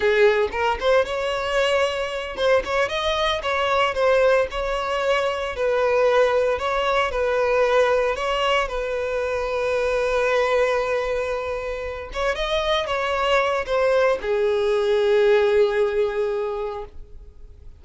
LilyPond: \new Staff \with { instrumentName = "violin" } { \time 4/4 \tempo 4 = 114 gis'4 ais'8 c''8 cis''2~ | cis''8 c''8 cis''8 dis''4 cis''4 c''8~ | c''8 cis''2 b'4.~ | b'8 cis''4 b'2 cis''8~ |
cis''8 b'2.~ b'8~ | b'2. cis''8 dis''8~ | dis''8 cis''4. c''4 gis'4~ | gis'1 | }